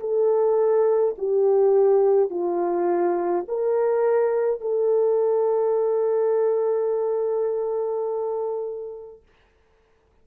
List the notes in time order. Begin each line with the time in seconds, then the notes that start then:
0.00 A4
1.18 G4
2.30 F4
3.48 A#4
4.60 A4